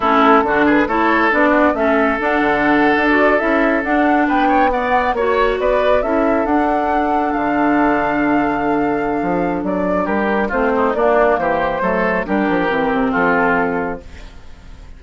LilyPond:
<<
  \new Staff \with { instrumentName = "flute" } { \time 4/4 \tempo 4 = 137 a'4. b'8 cis''4 d''4 | e''4 fis''2 d''8. e''16~ | e''8. fis''4 g''4 fis''4 cis''16~ | cis''8. d''4 e''4 fis''4~ fis''16~ |
fis''8. f''2.~ f''16~ | f''2 d''4 ais'4 | c''4 d''4 c''2 | ais'2 a'2 | }
  \new Staff \with { instrumentName = "oboe" } { \time 4/4 e'4 fis'8 gis'8 a'4. fis'8 | a'1~ | a'4.~ a'16 b'8 cis''8 d''4 cis''16~ | cis''8. b'4 a'2~ a'16~ |
a'1~ | a'2. g'4 | f'8 dis'8 d'4 g'4 a'4 | g'2 f'2 | }
  \new Staff \with { instrumentName = "clarinet" } { \time 4/4 cis'4 d'4 e'4 d'4 | cis'4 d'2 fis'8. e'16~ | e'8. d'2 b4 fis'16~ | fis'4.~ fis'16 e'4 d'4~ d'16~ |
d'1~ | d'1 | c'4 ais2 a4 | d'4 c'2. | }
  \new Staff \with { instrumentName = "bassoon" } { \time 4/4 a4 d4 a4 b4 | a4 d'8 d4~ d16 d'4 cis'16~ | cis'8. d'4 b2 ais16~ | ais8. b4 cis'4 d'4~ d'16~ |
d'8. d2.~ d16~ | d4 f4 fis4 g4 | a4 ais4 e4 fis4 | g8 f8 e8 c8 f2 | }
>>